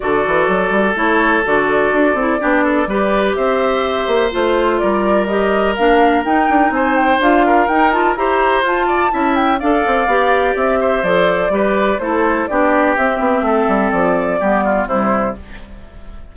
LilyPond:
<<
  \new Staff \with { instrumentName = "flute" } { \time 4/4 \tempo 4 = 125 d''2 cis''4 d''4~ | d''2. e''4~ | e''4 c''4 d''4 dis''4 | f''4 g''4 gis''8 g''8 f''4 |
g''8 a''8 ais''4 a''4. g''8 | f''2 e''4 d''4~ | d''4 c''4 d''4 e''4~ | e''4 d''2 c''4 | }
  \new Staff \with { instrumentName = "oboe" } { \time 4/4 a'1~ | a'4 g'8 a'8 b'4 c''4~ | c''2 ais'2~ | ais'2 c''4. ais'8~ |
ais'4 c''4. d''8 e''4 | d''2~ d''8 c''4. | b'4 a'4 g'2 | a'2 g'8 f'8 e'4 | }
  \new Staff \with { instrumentName = "clarinet" } { \time 4/4 fis'2 e'4 fis'4~ | fis'8 e'8 d'4 g'2~ | g'4 f'2 g'4 | d'4 dis'2 f'4 |
dis'8 f'8 g'4 f'4 e'4 | a'4 g'2 a'4 | g'4 e'4 d'4 c'4~ | c'2 b4 g4 | }
  \new Staff \with { instrumentName = "bassoon" } { \time 4/4 d8 e8 fis8 g8 a4 d4 | d'8 c'8 b4 g4 c'4~ | c'8 ais8 a4 g2 | ais4 dis'8 d'8 c'4 d'4 |
dis'4 e'4 f'4 cis'4 | d'8 c'8 b4 c'4 f4 | g4 a4 b4 c'8 b8 | a8 g8 f4 g4 c4 | }
>>